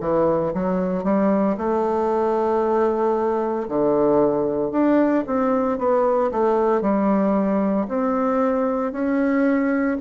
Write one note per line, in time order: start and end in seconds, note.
0.00 0.53 E3
0.54 1.04 F#3
1.04 1.56 G3
1.57 3.68 A3
3.68 4.71 D3
4.71 5.24 D4
5.26 5.78 C4
5.78 6.31 B3
6.31 6.81 A3
6.81 7.87 G3
7.89 8.92 C4
8.92 9.98 C#4